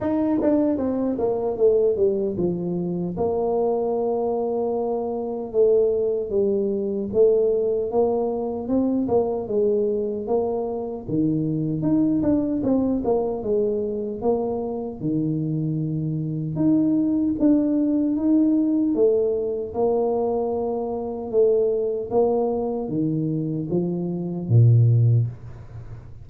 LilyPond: \new Staff \with { instrumentName = "tuba" } { \time 4/4 \tempo 4 = 76 dis'8 d'8 c'8 ais8 a8 g8 f4 | ais2. a4 | g4 a4 ais4 c'8 ais8 | gis4 ais4 dis4 dis'8 d'8 |
c'8 ais8 gis4 ais4 dis4~ | dis4 dis'4 d'4 dis'4 | a4 ais2 a4 | ais4 dis4 f4 ais,4 | }